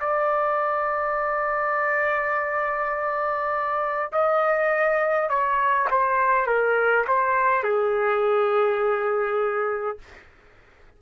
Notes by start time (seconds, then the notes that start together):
0.00 D5
4.12 D#5
5.29 C#5
5.90 C5
6.47 A#4
7.07 C5
7.63 G#4